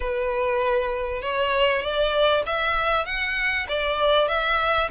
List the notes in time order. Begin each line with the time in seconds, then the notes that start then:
0.00 B4
1.22 C#5
1.82 D5
2.46 E5
3.05 F#5
3.68 D5
4.28 E5